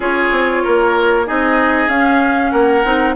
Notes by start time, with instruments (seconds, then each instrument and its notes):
0.00 bassoon C#4, clarinet F4, oboe G#4, flute C#5
0.31 bassoon C4
0.63 bassoon A#3, oboe A#4
1.26 bassoon C4, clarinet D#4, oboe G#4, flute D#5
1.88 bassoon C#4, clarinet C#4, flute F5
2.50 bassoon A#3, oboe A#4, flute F#5
2.84 bassoon C4, clarinet D#4